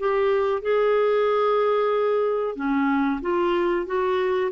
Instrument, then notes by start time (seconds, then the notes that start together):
clarinet
0.00 G4
0.63 G#4
2.56 C#4
3.22 F4
3.87 F#4